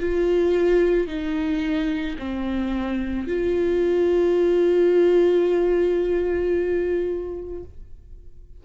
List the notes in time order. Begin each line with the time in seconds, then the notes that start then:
0.00 F4
1.08 D#4
2.19 C4
3.27 F4